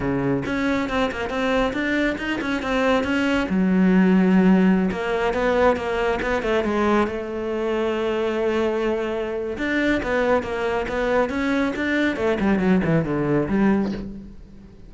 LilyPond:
\new Staff \with { instrumentName = "cello" } { \time 4/4 \tempo 4 = 138 cis4 cis'4 c'8 ais8 c'4 | d'4 dis'8 cis'8 c'4 cis'4 | fis2.~ fis16 ais8.~ | ais16 b4 ais4 b8 a8 gis8.~ |
gis16 a2.~ a8.~ | a2 d'4 b4 | ais4 b4 cis'4 d'4 | a8 g8 fis8 e8 d4 g4 | }